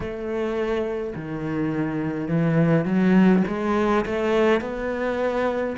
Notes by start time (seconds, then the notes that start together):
0.00 A3
1.15 D#3
2.28 E3
2.85 F#3
3.47 G#3
4.05 A3
4.60 B3